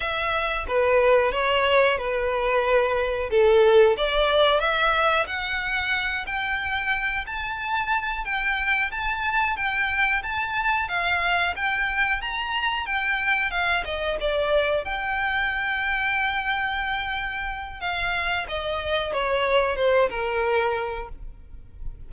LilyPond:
\new Staff \with { instrumentName = "violin" } { \time 4/4 \tempo 4 = 91 e''4 b'4 cis''4 b'4~ | b'4 a'4 d''4 e''4 | fis''4. g''4. a''4~ | a''8 g''4 a''4 g''4 a''8~ |
a''8 f''4 g''4 ais''4 g''8~ | g''8 f''8 dis''8 d''4 g''4.~ | g''2. f''4 | dis''4 cis''4 c''8 ais'4. | }